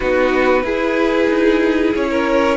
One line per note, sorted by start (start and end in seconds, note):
0.00 0.63 B3
0.00 0.65 D#4
0.00 0.63 F#4
0.00 1.93 B4
0.63 1.27 E4
0.63 2.56 E4
0.63 2.09 G#4
1.28 1.93 D#4
1.95 2.56 C#4
1.95 2.56 C#5
2.10 2.56 A#4